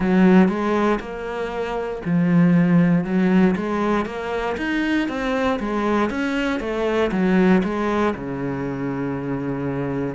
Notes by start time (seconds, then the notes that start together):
0.00 F#3
0.48 G#3
1.00 A#3
2.05 F3
3.04 F#3
3.56 G#3
4.05 A#3
4.57 D#4
5.08 C4
5.59 G#3
6.10 C#4
6.60 A3
7.11 F#3
7.63 G#3
8.14 C#3